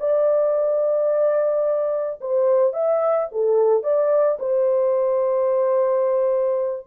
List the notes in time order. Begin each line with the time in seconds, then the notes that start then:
0.00 D5
2.21 C5
2.73 E5
3.32 A4
3.83 D5
4.40 C5